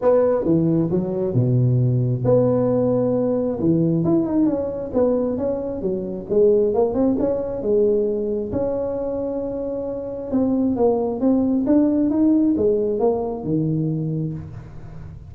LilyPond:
\new Staff \with { instrumentName = "tuba" } { \time 4/4 \tempo 4 = 134 b4 e4 fis4 b,4~ | b,4 b2. | e4 e'8 dis'8 cis'4 b4 | cis'4 fis4 gis4 ais8 c'8 |
cis'4 gis2 cis'4~ | cis'2. c'4 | ais4 c'4 d'4 dis'4 | gis4 ais4 dis2 | }